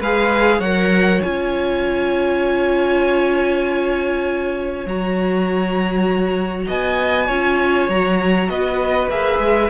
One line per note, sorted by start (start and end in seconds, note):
0.00 0.60 G#3
0.00 0.64 G#4
0.00 0.59 B4
0.00 0.61 F5
0.59 1.20 F#3
0.59 1.23 A#4
0.59 6.65 C#5
0.59 1.21 F#5
1.23 4.86 C#4
1.23 4.86 F4
1.23 4.86 G#5
4.86 6.68 F#3
4.86 7.29 F#4
4.86 6.70 A#5
6.68 7.29 B3
6.68 7.27 D#5
6.68 7.90 G#5
7.27 7.89 C#4
7.27 7.90 F4
7.27 8.48 C#5
7.89 8.49 F#3
7.89 9.10 F#4
7.89 8.49 A#5
8.49 9.10 B3
8.49 9.70 B4
8.49 9.10 D#5
9.10 9.39 A#3
9.10 9.70 G#4
9.10 9.70 E5
9.39 9.69 G#3